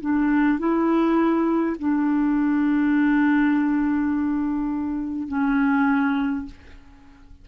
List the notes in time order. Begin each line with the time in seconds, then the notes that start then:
0.00 D4
0.59 E4
1.79 D4
5.28 C#4